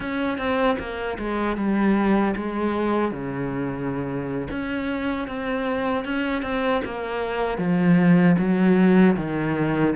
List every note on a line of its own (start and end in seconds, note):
0.00 0.38 C#4
0.38 0.77 C4
0.78 1.17 A#3
1.18 1.57 G#3
1.57 2.34 G3
2.36 3.11 G#3
3.11 4.48 C#3
4.50 5.27 C#4
5.27 6.05 C4
6.05 6.42 C#4
6.42 6.81 C4
6.84 7.58 A#3
7.58 8.36 F3
8.38 9.16 F#3
9.16 9.94 D#3